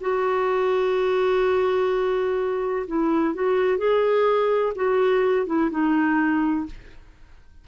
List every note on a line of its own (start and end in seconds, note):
0.00 2.86 F#4
2.87 3.34 E4
3.34 3.77 F#4
3.77 4.73 G#4
4.75 5.46 F#4
5.46 5.70 E4
5.70 6.65 D#4